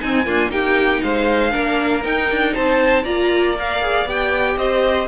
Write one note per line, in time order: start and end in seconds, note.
0.00 0.26 C4
0.00 0.27 C4
0.00 0.26 D#4
0.00 0.51 G#5
0.26 0.50 A#3
0.26 0.48 D4
0.26 0.51 F4
0.48 0.99 A#3
0.48 1.51 D#4
0.48 1.03 G4
0.48 1.02 G5
1.02 1.55 G#3
1.02 1.51 C5
1.02 2.04 F5
1.51 2.05 A#3
1.51 2.02 D4
1.51 2.53 A#4
2.03 3.04 D#4
2.03 2.30 D#4
2.03 2.54 G5
2.31 2.56 D4
2.53 3.05 C4
2.53 3.03 C5
2.53 3.04 A5
3.03 4.05 A#3
3.03 3.56 F4
3.03 4.56 D5
3.03 3.55 A#5
3.57 3.82 A#4
3.57 4.09 F5
3.82 4.07 G#4
4.05 4.56 B3
4.05 5.08 G4
4.05 4.58 G5
4.57 5.08 C4
4.57 5.08 C5
4.57 5.08 D#5